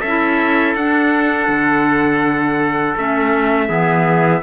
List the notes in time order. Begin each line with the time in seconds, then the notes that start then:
0.00 C#4 A4 E5
0.07 E4
0.75 D4 F#5
1.48 D3
2.96 A3 C#4 E5
3.68 E3 B3 G#4